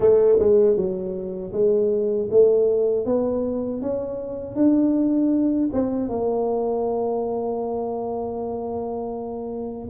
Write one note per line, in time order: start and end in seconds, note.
0.00 0.38 A3
0.39 0.76 G#3
0.76 1.52 F#3
1.52 2.28 G#3
2.30 3.05 A3
3.05 3.81 B3
3.81 4.55 C#4
4.55 5.69 D4
5.72 6.08 C4
6.08 9.88 A#3